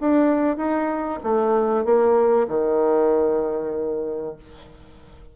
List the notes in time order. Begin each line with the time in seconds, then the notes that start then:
0.00 D4
0.57 D#4
1.23 A3
1.84 A#3
2.48 D#3